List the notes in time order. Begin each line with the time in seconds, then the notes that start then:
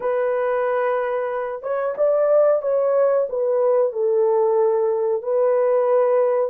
0.00 B4
1.62 C#5
1.97 D5
2.61 C#5
3.29 B4
3.92 A4
5.22 B4